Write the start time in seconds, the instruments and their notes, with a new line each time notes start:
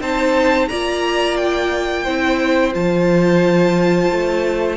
0.00 cello C4, viola D#4, violin C5 A5
0.68 cello A#3, viola F4, violin D5 A#5
1.37 violin G5
2.03 cello C4, viola E4, violin C5
2.72 cello F3, viola F4, violin A5
4.11 cello A3